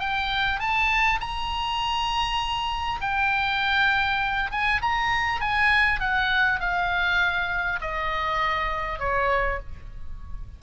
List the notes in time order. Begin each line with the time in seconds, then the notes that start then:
0.00 G5
0.60 A5
1.21 A#5
3.01 G5
4.51 G#5
4.82 A#5
5.41 G#5
6.01 F#5
6.60 F5
7.81 D#5
8.99 C#5